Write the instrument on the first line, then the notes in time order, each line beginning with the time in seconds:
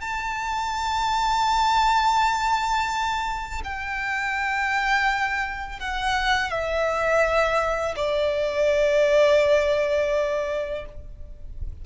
violin
0.00 A5
3.64 G5
5.79 F#5
6.50 E5
7.96 D5